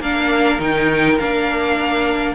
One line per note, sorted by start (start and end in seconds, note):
0.00 0.59 A#3
0.00 0.60 D4
0.00 2.35 A#4
0.00 0.60 F5
0.60 1.19 D#3
0.60 1.18 D#4
0.60 1.19 G5
1.19 2.35 A#3
1.19 2.35 D4
1.19 2.35 F5